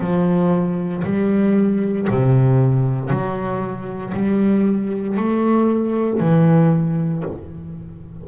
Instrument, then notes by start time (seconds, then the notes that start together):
double bass
0.00 F3
1.04 G3
2.10 C3
3.10 F#3
4.14 G3
5.17 A3
6.20 E3